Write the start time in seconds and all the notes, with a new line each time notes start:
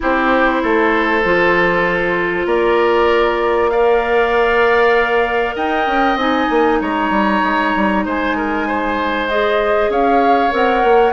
0.00 C4 E4 G4 C5
0.62 A3 A4
1.24 F3 F4
2.45 A#3 A#4 D5
3.69 A#4 D5 F5
5.55 D#4 D#5 G5
5.86 C#4
6.15 C4 D#4 G#5
6.50 A#3
6.80 G#3 C#5 A#5
7.10 G3
7.43 G#3
7.75 G3
8.05 G#3 C5 G#5
8.36 A#4
8.67 C5
9.28 G#4 D#5
9.88 C#4 C#5 F5
10.50 C4 A#4 F#5
10.83 A#3